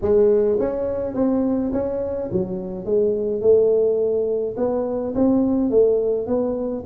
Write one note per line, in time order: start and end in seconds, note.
0.01 0.58 G#3
0.59 1.14 C#4
1.14 1.71 C4
1.72 2.29 C#4
2.31 2.85 F#3
2.85 3.41 G#3
3.41 4.55 A3
4.57 5.14 B3
5.14 5.70 C4
5.70 6.26 A3
6.26 6.83 B3